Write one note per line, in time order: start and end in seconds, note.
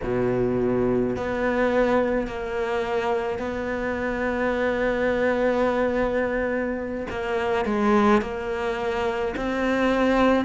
0.03 1.16 B2
1.16 2.27 B3
2.27 3.39 A#3
3.39 7.07 B3
7.10 7.65 A#3
7.65 8.21 G#3
8.21 9.34 A#3
9.36 10.45 C4